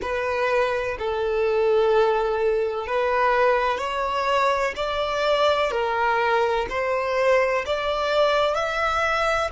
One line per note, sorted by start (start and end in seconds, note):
0.01 0.97 B4
0.98 2.86 A4
2.86 3.78 B4
3.78 4.73 C#5
4.76 5.71 D5
5.71 6.66 A#4
6.69 7.65 C5
7.66 8.55 D5
8.55 9.50 E5